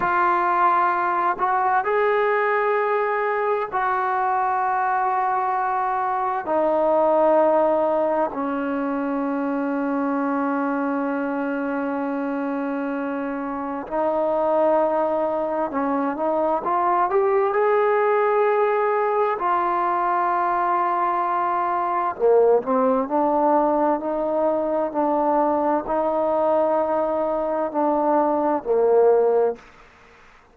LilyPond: \new Staff \with { instrumentName = "trombone" } { \time 4/4 \tempo 4 = 65 f'4. fis'8 gis'2 | fis'2. dis'4~ | dis'4 cis'2.~ | cis'2. dis'4~ |
dis'4 cis'8 dis'8 f'8 g'8 gis'4~ | gis'4 f'2. | ais8 c'8 d'4 dis'4 d'4 | dis'2 d'4 ais4 | }